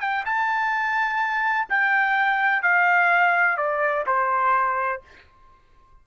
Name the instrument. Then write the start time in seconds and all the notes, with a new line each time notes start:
trumpet
0.00 G5
0.25 A5
1.69 G5
2.62 F5
3.57 D5
4.06 C5